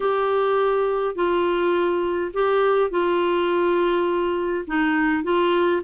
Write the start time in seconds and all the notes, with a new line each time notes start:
0.00 G4
1.15 F4
2.33 G4
2.90 F4
4.67 D#4
5.23 F4